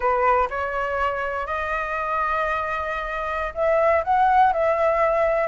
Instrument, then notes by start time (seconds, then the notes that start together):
flute
0.00 B4
0.50 C#5
1.46 D#5
3.54 E5
4.04 F#5
4.52 E5